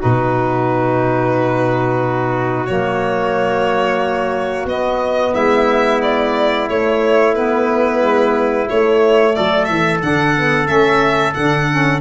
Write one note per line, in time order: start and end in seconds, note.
0.00 2.70 B2
0.00 2.67 D#4
0.00 5.33 F#4
0.00 2.67 B4
2.67 4.66 F#3
2.67 4.69 A#3
2.67 4.67 C#5
4.66 5.32 B3
4.66 6.70 B3
4.66 5.35 D#5
5.35 6.69 G#3
5.35 9.35 E4
5.35 6.02 E5
6.02 6.69 D5
6.70 8.02 A3
6.70 7.36 A3
6.70 7.35 C#5
7.35 8.67 B3
7.35 8.68 B4
8.02 8.68 G#3
8.67 10.00 A3
8.67 9.37 A3
8.67 9.36 C#5
9.36 9.69 F#3
9.36 12.01 A4
9.36 9.65 D5
9.65 10.02 E3
9.65 9.98 E5
10.02 10.68 D3
10.02 10.35 D4
10.02 10.67 F#5
10.36 10.66 B3
10.66 11.35 A3
10.66 11.33 C#4
10.66 11.34 E5
11.34 12.01 D3
11.34 11.72 D4
11.34 12.01 F#5
11.72 12.01 C#4